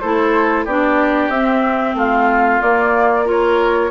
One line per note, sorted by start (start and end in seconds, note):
0.00 0.65 A3
0.00 0.68 E4
0.00 0.65 A4
0.00 0.65 C5
0.65 1.29 B3
0.65 1.34 D4
0.65 1.95 G4
0.65 1.30 D5
1.29 1.94 C4
1.29 2.62 C4
1.29 1.95 E5
1.94 2.60 A3
1.94 3.25 F4
1.94 2.62 F5
2.62 3.91 A#3
2.62 3.25 A#3
2.62 3.27 D5
3.25 3.90 F4
3.25 3.91 A#4
3.25 3.91 C#5